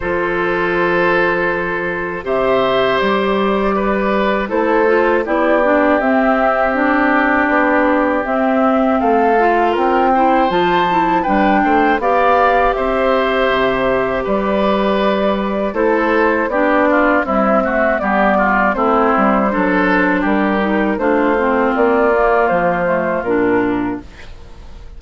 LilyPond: <<
  \new Staff \with { instrumentName = "flute" } { \time 4/4 \tempo 4 = 80 c''2. e''4 | d''2 c''4 d''4 | e''4 d''2 e''4 | f''4 g''4 a''4 g''4 |
f''4 e''2 d''4~ | d''4 c''4 d''4 e''4 | d''4 c''2 ais'4 | c''4 d''4 c''4 ais'4 | }
  \new Staff \with { instrumentName = "oboe" } { \time 4/4 a'2. c''4~ | c''4 b'4 a'4 g'4~ | g'1 | a'4 ais'8 c''4. b'8 c''8 |
d''4 c''2 b'4~ | b'4 a'4 g'8 f'8 e'8 fis'8 | g'8 f'8 e'4 a'4 g'4 | f'1 | }
  \new Staff \with { instrumentName = "clarinet" } { \time 4/4 f'2. g'4~ | g'2 e'8 f'8 e'8 d'8 | c'4 d'2 c'4~ | c'8 f'4 e'8 f'8 e'8 d'4 |
g'1~ | g'4 e'4 d'4 g8 a8 | b4 c'4 d'4. dis'8 | d'8 c'4 ais4 a8 d'4 | }
  \new Staff \with { instrumentName = "bassoon" } { \time 4/4 f2. c4 | g2 a4 b4 | c'2 b4 c'4 | a4 c'4 f4 g8 a8 |
b4 c'4 c4 g4~ | g4 a4 b4 c'4 | g4 a8 g8 fis4 g4 | a4 ais4 f4 ais,4 | }
>>